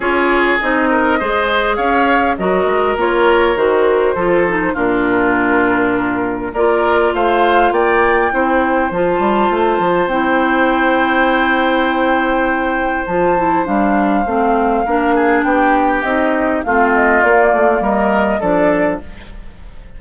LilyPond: <<
  \new Staff \with { instrumentName = "flute" } { \time 4/4 \tempo 4 = 101 cis''4 dis''2 f''4 | dis''4 cis''4 c''2 | ais'2. d''4 | f''4 g''2 a''4~ |
a''4 g''2.~ | g''2 a''4 f''4~ | f''2 g''4 dis''4 | f''8 dis''8 d''4 dis''4 d''4 | }
  \new Staff \with { instrumentName = "oboe" } { \time 4/4 gis'4. ais'8 c''4 cis''4 | ais'2. a'4 | f'2. ais'4 | c''4 d''4 c''2~ |
c''1~ | c''1~ | c''4 ais'8 gis'8 g'2 | f'2 ais'4 a'4 | }
  \new Staff \with { instrumentName = "clarinet" } { \time 4/4 f'4 dis'4 gis'2 | fis'4 f'4 fis'4 f'8 dis'8 | d'2. f'4~ | f'2 e'4 f'4~ |
f'4 e'2.~ | e'2 f'8 e'8 d'4 | c'4 d'2 dis'4 | c'4 ais2 d'4 | }
  \new Staff \with { instrumentName = "bassoon" } { \time 4/4 cis'4 c'4 gis4 cis'4 | fis8 gis8 ais4 dis4 f4 | ais,2. ais4 | a4 ais4 c'4 f8 g8 |
a8 f8 c'2.~ | c'2 f4 g4 | a4 ais4 b4 c'4 | a4 ais8 a8 g4 f4 | }
>>